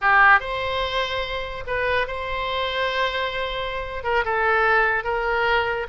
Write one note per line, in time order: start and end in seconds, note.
0.01 0.39 G4
0.39 1.64 C5
1.66 2.07 B4
2.07 4.03 C5
4.03 4.24 A#4
4.24 5.04 A4
5.04 5.87 A#4